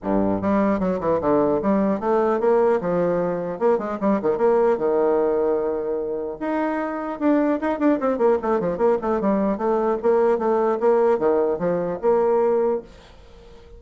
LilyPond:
\new Staff \with { instrumentName = "bassoon" } { \time 4/4 \tempo 4 = 150 g,4 g4 fis8 e8 d4 | g4 a4 ais4 f4~ | f4 ais8 gis8 g8 dis8 ais4 | dis1 |
dis'2 d'4 dis'8 d'8 | c'8 ais8 a8 f8 ais8 a8 g4 | a4 ais4 a4 ais4 | dis4 f4 ais2 | }